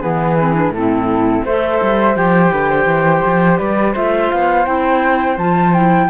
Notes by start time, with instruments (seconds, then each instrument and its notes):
0.00 cello E3, clarinet B3, flute G#4 B4
0.39 clarinet C4
0.53 clarinet D4
0.69 cello A2, flute A4
0.76 clarinet C4, flute E4
1.44 cello A3, clarinet A4, flute C5 E5
1.81 cello G3
2.15 cello F3, clarinet G4, flute G5
2.52 cello D3, flute B4
2.70 flute C5
2.85 cello E3
3.25 cello F3
3.57 cello G3, flute B4 D5
3.92 cello A3, clarinet F4, flute C5 E5
4.30 cello B3, flute F5
4.65 cello C4, clarinet E4, flute G5
5.37 cello F3, clarinet F4, flute A5
5.73 clarinet E4, flute G5